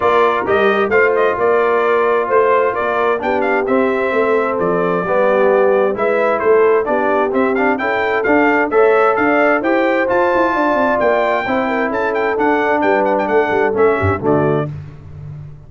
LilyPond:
<<
  \new Staff \with { instrumentName = "trumpet" } { \time 4/4 \tempo 4 = 131 d''4 dis''4 f''8 dis''8 d''4~ | d''4 c''4 d''4 g''8 f''8 | e''2 d''2~ | d''4 e''4 c''4 d''4 |
e''8 f''8 g''4 f''4 e''4 | f''4 g''4 a''2 | g''2 a''8 g''8 fis''4 | g''8 fis''16 g''16 fis''4 e''4 d''4 | }
  \new Staff \with { instrumentName = "horn" } { \time 4/4 ais'2 c''4 ais'4~ | ais'4 c''4 ais'4 g'4~ | g'4 a'2 g'4~ | g'4 b'4 a'4 g'4~ |
g'4 a'2 cis''4 | d''4 c''2 d''4~ | d''4 c''8 ais'8 a'2 | b'4 a'4. g'8 fis'4 | }
  \new Staff \with { instrumentName = "trombone" } { \time 4/4 f'4 g'4 f'2~ | f'2. d'4 | c'2. b4~ | b4 e'2 d'4 |
c'8 d'8 e'4 d'4 a'4~ | a'4 g'4 f'2~ | f'4 e'2 d'4~ | d'2 cis'4 a4 | }
  \new Staff \with { instrumentName = "tuba" } { \time 4/4 ais4 g4 a4 ais4~ | ais4 a4 ais4 b4 | c'4 a4 f4 g4~ | g4 gis4 a4 b4 |
c'4 cis'4 d'4 a4 | d'4 e'4 f'8 e'8 d'8 c'8 | ais4 c'4 cis'4 d'4 | g4 a8 g8 a8 g,8 d4 | }
>>